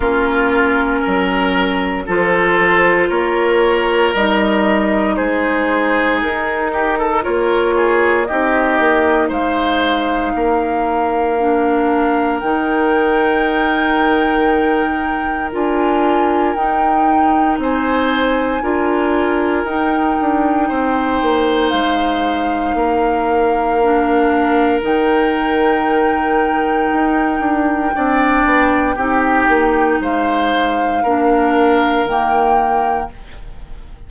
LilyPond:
<<
  \new Staff \with { instrumentName = "flute" } { \time 4/4 \tempo 4 = 58 ais'2 c''4 cis''4 | dis''4 c''4 ais'4 cis''4 | dis''4 f''2. | g''2. gis''4 |
g''4 gis''2 g''4~ | g''4 f''2. | g''1~ | g''4 f''2 g''4 | }
  \new Staff \with { instrumentName = "oboe" } { \time 4/4 f'4 ais'4 a'4 ais'4~ | ais'4 gis'4. g'16 a'16 ais'8 gis'8 | g'4 c''4 ais'2~ | ais'1~ |
ais'4 c''4 ais'2 | c''2 ais'2~ | ais'2. d''4 | g'4 c''4 ais'2 | }
  \new Staff \with { instrumentName = "clarinet" } { \time 4/4 cis'2 f'2 | dis'2. f'4 | dis'2. d'4 | dis'2. f'4 |
dis'2 f'4 dis'4~ | dis'2. d'4 | dis'2. d'4 | dis'2 d'4 ais4 | }
  \new Staff \with { instrumentName = "bassoon" } { \time 4/4 ais4 fis4 f4 ais4 | g4 gis4 dis'4 ais4 | c'8 ais8 gis4 ais2 | dis2. d'4 |
dis'4 c'4 d'4 dis'8 d'8 | c'8 ais8 gis4 ais2 | dis2 dis'8 d'8 c'8 b8 | c'8 ais8 gis4 ais4 dis4 | }
>>